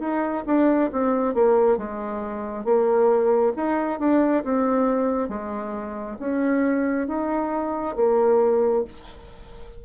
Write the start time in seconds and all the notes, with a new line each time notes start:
0.00 D#4
0.47 D4
0.92 C4
1.34 A#3
1.77 G#3
2.65 A#3
3.56 D#4
3.99 D4
4.44 C4
5.29 G#3
6.20 C#4
7.08 D#4
7.96 A#3